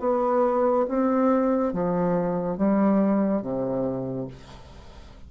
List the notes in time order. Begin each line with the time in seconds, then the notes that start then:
0.00 B3
0.88 C4
1.73 F3
2.58 G3
3.42 C3